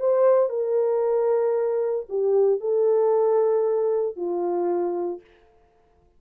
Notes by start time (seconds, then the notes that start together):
0.00 C5
0.50 A#4
2.09 G4
2.60 A4
4.16 F4